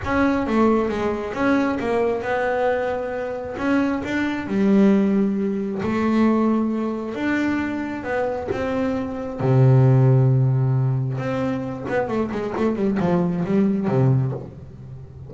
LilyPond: \new Staff \with { instrumentName = "double bass" } { \time 4/4 \tempo 4 = 134 cis'4 a4 gis4 cis'4 | ais4 b2. | cis'4 d'4 g2~ | g4 a2. |
d'2 b4 c'4~ | c'4 c2.~ | c4 c'4. b8 a8 gis8 | a8 g8 f4 g4 c4 | }